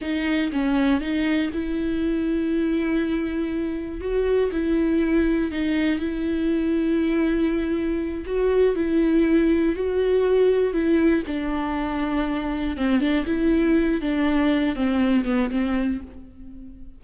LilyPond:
\new Staff \with { instrumentName = "viola" } { \time 4/4 \tempo 4 = 120 dis'4 cis'4 dis'4 e'4~ | e'1 | fis'4 e'2 dis'4 | e'1~ |
e'8 fis'4 e'2 fis'8~ | fis'4. e'4 d'4.~ | d'4. c'8 d'8 e'4. | d'4. c'4 b8 c'4 | }